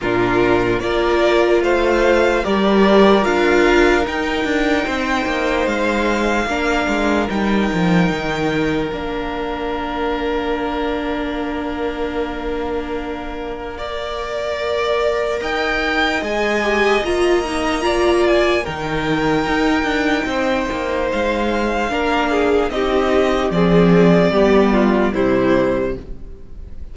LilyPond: <<
  \new Staff \with { instrumentName = "violin" } { \time 4/4 \tempo 4 = 74 ais'4 d''4 f''4 d''4 | f''4 g''2 f''4~ | f''4 g''2 f''4~ | f''1~ |
f''2. g''4 | gis''4 ais''4. gis''8 g''4~ | g''2 f''2 | dis''4 d''2 c''4 | }
  \new Staff \with { instrumentName = "violin" } { \time 4/4 f'4 ais'4 c''4 ais'4~ | ais'2 c''2 | ais'1~ | ais'1~ |
ais'4 d''2 dis''4~ | dis''2 d''4 ais'4~ | ais'4 c''2 ais'8 gis'8 | g'4 gis'4 g'8 f'8 e'4 | }
  \new Staff \with { instrumentName = "viola" } { \time 4/4 d'4 f'2 g'4 | f'4 dis'2. | d'4 dis'2 d'4~ | d'1~ |
d'4 ais'2. | gis'8 g'8 f'8 dis'8 f'4 dis'4~ | dis'2. d'4 | dis'4 c'4 b4 g4 | }
  \new Staff \with { instrumentName = "cello" } { \time 4/4 ais,4 ais4 a4 g4 | d'4 dis'8 d'8 c'8 ais8 gis4 | ais8 gis8 g8 f8 dis4 ais4~ | ais1~ |
ais2. dis'4 | gis4 ais2 dis4 | dis'8 d'8 c'8 ais8 gis4 ais4 | c'4 f4 g4 c4 | }
>>